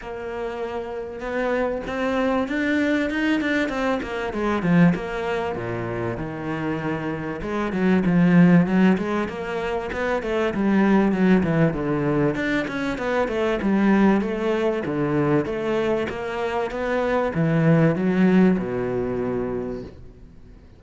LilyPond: \new Staff \with { instrumentName = "cello" } { \time 4/4 \tempo 4 = 97 ais2 b4 c'4 | d'4 dis'8 d'8 c'8 ais8 gis8 f8 | ais4 ais,4 dis2 | gis8 fis8 f4 fis8 gis8 ais4 |
b8 a8 g4 fis8 e8 d4 | d'8 cis'8 b8 a8 g4 a4 | d4 a4 ais4 b4 | e4 fis4 b,2 | }